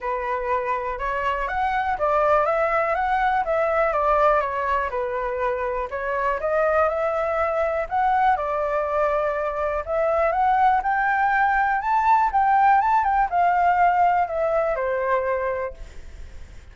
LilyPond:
\new Staff \with { instrumentName = "flute" } { \time 4/4 \tempo 4 = 122 b'2 cis''4 fis''4 | d''4 e''4 fis''4 e''4 | d''4 cis''4 b'2 | cis''4 dis''4 e''2 |
fis''4 d''2. | e''4 fis''4 g''2 | a''4 g''4 a''8 g''8 f''4~ | f''4 e''4 c''2 | }